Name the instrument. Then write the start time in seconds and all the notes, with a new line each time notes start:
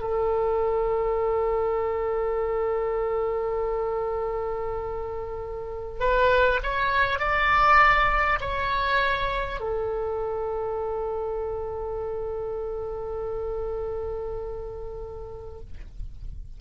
oboe
0.00 A4
5.99 B4
6.63 C#5
7.18 D5
8.41 C#5
9.60 A4